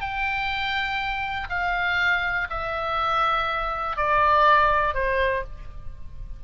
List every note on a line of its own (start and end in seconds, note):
0.00 1.48 G5
1.49 2.47 F5
2.49 3.96 E5
3.96 4.94 D5
4.94 5.43 C5